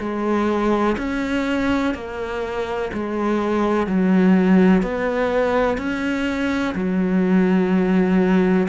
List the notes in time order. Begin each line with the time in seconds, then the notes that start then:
0.00 G#3
0.98 C#4
1.95 A#3
2.94 G#3
3.87 F#3
4.83 B3
5.78 C#4
6.75 F#3